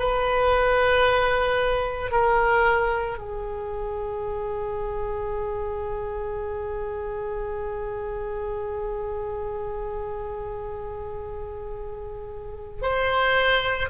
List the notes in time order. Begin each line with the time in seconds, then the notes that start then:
0.00 B4
2.12 A#4
3.19 G#4
12.82 C5